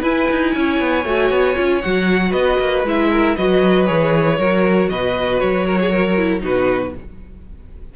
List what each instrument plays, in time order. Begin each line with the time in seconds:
0.00 viola E4, cello E4, violin B4 G#5
0.31 cello D#4
0.54 cello C#4, violin C#5
0.80 cello B3
1.05 cello A3, viola F#4
1.30 cello B3
1.55 cello C#4, viola F4
1.81 cello F#3, viola F#4, violin F#5
2.30 cello B3, violin B4 D#5
2.59 cello A#3
2.84 cello G#3, viola E4, violin E5
3.11 violin A#4
3.36 cello F#3, viola F#4, violin B4 D#5
3.86 cello E3, viola G#4, violin C#5
4.38 cello F#3, viola F#4, violin A#4
4.89 cello B2, violin B4 D#5
5.40 cello F#3, violin C#5
5.66 violin A#4
5.81 violin G#4
5.90 violin A#4
6.17 viola E4
6.40 cello B2, viola D#4, violin F#4 B4